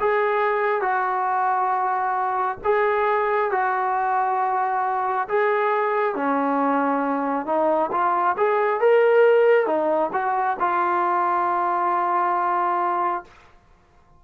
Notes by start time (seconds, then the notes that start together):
0.00 G#4
0.82 F#4
2.64 G#4
3.51 F#4
5.28 G#4
6.15 C#4
7.46 D#4
7.92 F4
8.37 G#4
8.80 A#4
9.66 D#4
10.13 F#4
10.60 F4